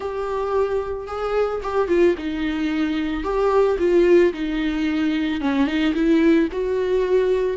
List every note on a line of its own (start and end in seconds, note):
0.00 1.07 G4
1.07 1.61 G#4
1.62 1.88 G4
1.88 2.15 F4
2.17 3.23 D#4
3.23 3.77 G4
3.78 4.32 F4
4.33 5.40 D#4
5.40 5.66 C#4
5.66 5.93 D#4
5.94 6.48 E4
6.51 7.57 F#4